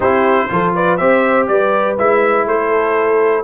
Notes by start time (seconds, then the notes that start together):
0.00 C4 E4 G4 C5
0.49 F3 F4 A4
0.74 B4 D5
0.97 C4 G4 C5 E5
1.47 G3 B4 D5
1.97 G#3 E4 E5
2.46 A3 A4 C5